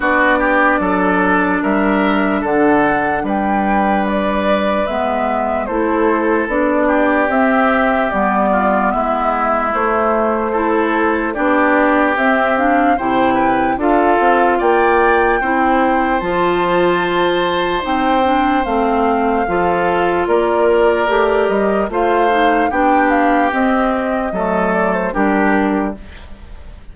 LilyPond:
<<
  \new Staff \with { instrumentName = "flute" } { \time 4/4 \tempo 4 = 74 d''2 e''4 fis''4 | g''4 d''4 e''4 c''4 | d''4 e''4 d''4 e''4 | c''2 d''4 e''8 f''8 |
g''4 f''4 g''2 | a''2 g''4 f''4~ | f''4 d''4. dis''8 f''4 | g''8 f''8 dis''4. d''16 c''16 ais'4 | }
  \new Staff \with { instrumentName = "oboe" } { \time 4/4 fis'8 g'8 a'4 ais'4 a'4 | b'2. a'4~ | a'8 g'2 f'8 e'4~ | e'4 a'4 g'2 |
c''8 b'8 a'4 d''4 c''4~ | c''1 | a'4 ais'2 c''4 | g'2 a'4 g'4 | }
  \new Staff \with { instrumentName = "clarinet" } { \time 4/4 d'1~ | d'2 b4 e'4 | d'4 c'4 b2 | a4 e'4 d'4 c'8 d'8 |
e'4 f'2 e'4 | f'2 dis'8 d'8 c'4 | f'2 g'4 f'8 dis'8 | d'4 c'4 a4 d'4 | }
  \new Staff \with { instrumentName = "bassoon" } { \time 4/4 b4 fis4 g4 d4 | g2 gis4 a4 | b4 c'4 g4 gis4 | a2 b4 c'4 |
c4 d'8 c'8 ais4 c'4 | f2 c'4 a4 | f4 ais4 a8 g8 a4 | b4 c'4 fis4 g4 | }
>>